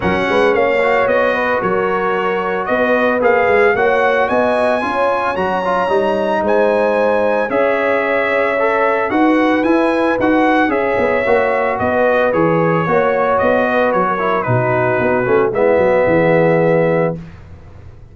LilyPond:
<<
  \new Staff \with { instrumentName = "trumpet" } { \time 4/4 \tempo 4 = 112 fis''4 f''4 dis''4 cis''4~ | cis''4 dis''4 f''4 fis''4 | gis''2 ais''2 | gis''2 e''2~ |
e''4 fis''4 gis''4 fis''4 | e''2 dis''4 cis''4~ | cis''4 dis''4 cis''4 b'4~ | b'4 e''2. | }
  \new Staff \with { instrumentName = "horn" } { \time 4/4 ais'8 b'8 cis''4. b'8 ais'4~ | ais'4 b'2 cis''4 | dis''4 cis''2. | c''2 cis''2~ |
cis''4 b'2. | cis''2 b'2 | cis''4. b'8. ais'8. fis'4~ | fis'4 e'8 fis'8 gis'2 | }
  \new Staff \with { instrumentName = "trombone" } { \time 4/4 cis'4. fis'2~ fis'8~ | fis'2 gis'4 fis'4~ | fis'4 f'4 fis'8 f'8 dis'4~ | dis'2 gis'2 |
a'4 fis'4 e'4 fis'4 | gis'4 fis'2 gis'4 | fis'2~ fis'8 e'8 dis'4~ | dis'8 cis'8 b2. | }
  \new Staff \with { instrumentName = "tuba" } { \time 4/4 fis8 gis8 ais4 b4 fis4~ | fis4 b4 ais8 gis8 ais4 | b4 cis'4 fis4 g4 | gis2 cis'2~ |
cis'4 dis'4 e'4 dis'4 | cis'8 b8 ais4 b4 e4 | ais4 b4 fis4 b,4 | b8 a8 gis8 fis8 e2 | }
>>